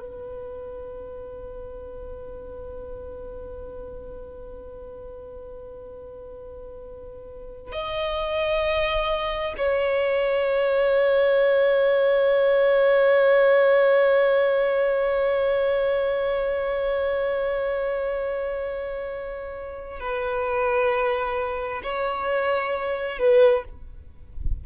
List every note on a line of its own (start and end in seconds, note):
0.00 7.72 B4
7.72 9.54 D#5
9.57 20.00 C#5
20.00 21.82 B4
21.83 23.19 C#5
23.19 23.64 B4